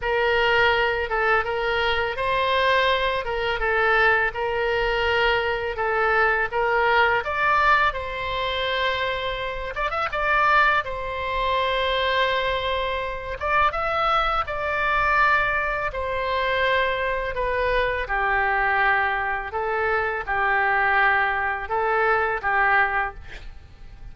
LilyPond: \new Staff \with { instrumentName = "oboe" } { \time 4/4 \tempo 4 = 83 ais'4. a'8 ais'4 c''4~ | c''8 ais'8 a'4 ais'2 | a'4 ais'4 d''4 c''4~ | c''4. d''16 e''16 d''4 c''4~ |
c''2~ c''8 d''8 e''4 | d''2 c''2 | b'4 g'2 a'4 | g'2 a'4 g'4 | }